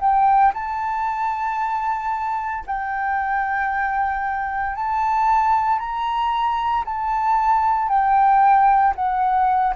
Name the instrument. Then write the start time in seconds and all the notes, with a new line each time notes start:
flute
0.00 G5
0.54 A5
2.67 G5
4.75 A5
5.79 A#5
6.85 A5
7.89 G5
8.96 F#5